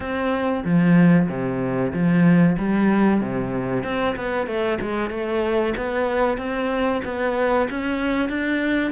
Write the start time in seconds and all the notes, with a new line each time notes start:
0.00 C4
0.64 F3
1.28 C3
1.92 F3
2.58 G3
3.20 C3
3.83 C4
4.15 B3
4.46 A3
4.81 G#3
5.10 A3
5.76 B3
6.37 C4
7.04 B3
7.69 C#4
8.29 D4